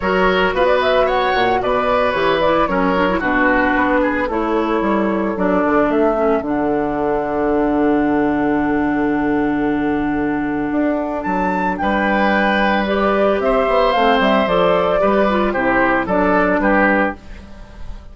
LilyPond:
<<
  \new Staff \with { instrumentName = "flute" } { \time 4/4 \tempo 4 = 112 cis''4 f'16 d''16 e''8 fis''4 d''4 | cis''8 d''8 cis''4 b'2 | cis''2 d''4 e''4 | fis''1~ |
fis''1~ | fis''4 a''4 g''2 | d''4 e''4 f''8 e''8 d''4~ | d''4 c''4 d''4 b'4 | }
  \new Staff \with { instrumentName = "oboe" } { \time 4/4 ais'4 b'4 cis''4 b'4~ | b'4 ais'4 fis'4. gis'8 | a'1~ | a'1~ |
a'1~ | a'2 b'2~ | b'4 c''2. | b'4 g'4 a'4 g'4 | }
  \new Staff \with { instrumentName = "clarinet" } { \time 4/4 fis'1 | g'8 e'8 cis'8 d'16 e'16 d'2 | e'2 d'4. cis'8 | d'1~ |
d'1~ | d'1 | g'2 c'4 a'4 | g'8 f'8 e'4 d'2 | }
  \new Staff \with { instrumentName = "bassoon" } { \time 4/4 fis4 b4. ais,8 b,4 | e4 fis4 b,4 b4 | a4 g4 fis8 d8 a4 | d1~ |
d1 | d'4 fis4 g2~ | g4 c'8 b8 a8 g8 f4 | g4 c4 fis4 g4 | }
>>